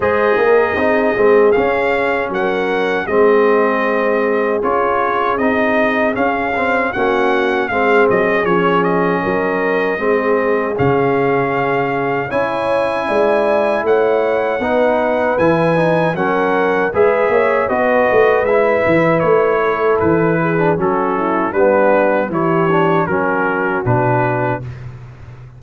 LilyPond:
<<
  \new Staff \with { instrumentName = "trumpet" } { \time 4/4 \tempo 4 = 78 dis''2 f''4 fis''4 | dis''2 cis''4 dis''4 | f''4 fis''4 f''8 dis''8 cis''8 dis''8~ | dis''2 f''2 |
gis''2 fis''2 | gis''4 fis''4 e''4 dis''4 | e''4 cis''4 b'4 a'4 | b'4 cis''4 ais'4 b'4 | }
  \new Staff \with { instrumentName = "horn" } { \time 4/4 c''8 ais'8 gis'2 ais'4 | gis'1~ | gis'4 fis'4 gis'2 | ais'4 gis'2. |
cis''4 d''4 cis''4 b'4~ | b'4 ais'4 b'8 cis''8 b'4~ | b'4. a'4 gis'8 fis'8 e'8 | d'4 g'4 fis'2 | }
  \new Staff \with { instrumentName = "trombone" } { \time 4/4 gis'4 dis'8 c'8 cis'2 | c'2 f'4 dis'4 | cis'8 c'8 cis'4 c'4 cis'4~ | cis'4 c'4 cis'2 |
e'2. dis'4 | e'8 dis'8 cis'4 gis'4 fis'4 | e'2~ e'8. d'16 cis'4 | b4 e'8 d'8 cis'4 d'4 | }
  \new Staff \with { instrumentName = "tuba" } { \time 4/4 gis8 ais8 c'8 gis8 cis'4 fis4 | gis2 cis'4 c'4 | cis'4 ais4 gis8 fis8 f4 | fis4 gis4 cis2 |
cis'4 gis4 a4 b4 | e4 fis4 gis8 ais8 b8 a8 | gis8 e8 a4 e4 fis4 | g4 e4 fis4 b,4 | }
>>